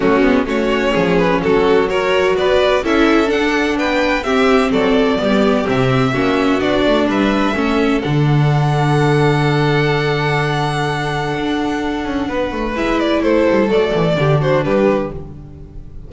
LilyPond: <<
  \new Staff \with { instrumentName = "violin" } { \time 4/4 \tempo 4 = 127 fis'4 cis''4. b'8 a'4 | cis''4 d''4 e''4 fis''4 | g''4 e''4 d''2 | e''2 d''4 e''4~ |
e''4 fis''2.~ | fis''1~ | fis''2. e''8 d''8 | c''4 d''4. c''8 b'4 | }
  \new Staff \with { instrumentName = "violin" } { \time 4/4 cis'4 fis'4 gis'4 fis'4 | ais'4 b'4 a'2 | b'4 g'4 a'4 g'4~ | g'4 fis'2 b'4 |
a'1~ | a'1~ | a'2 b'2 | a'2 g'8 fis'8 g'4 | }
  \new Staff \with { instrumentName = "viola" } { \time 4/4 a8 b8 cis'2. | fis'2 e'4 d'4~ | d'4 c'2 b4 | c'4 cis'4 d'2 |
cis'4 d'2.~ | d'1~ | d'2. e'4~ | e'4 a4 d'2 | }
  \new Staff \with { instrumentName = "double bass" } { \time 4/4 fis8 gis8 a4 f4 fis4~ | fis4 b4 cis'4 d'4 | b4 c'4 fis4 g4 | c4 ais4 b8 a8 g4 |
a4 d2.~ | d1 | d'4. cis'8 b8 a8 gis4 | a8 g8 fis8 e8 d4 g4 | }
>>